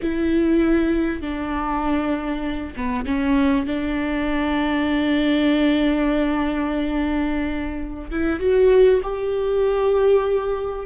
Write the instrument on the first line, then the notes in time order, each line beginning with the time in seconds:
viola
0.01 E4
1.21 D4
2.76 B3
3.05 C#4
3.66 D4
8.10 E4
8.39 F#4
9.02 G4